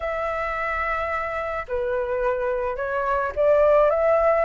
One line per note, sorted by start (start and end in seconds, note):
0.00 1.66 E5
1.67 2.76 B4
2.76 3.32 C#5
3.35 3.90 D5
3.90 4.44 E5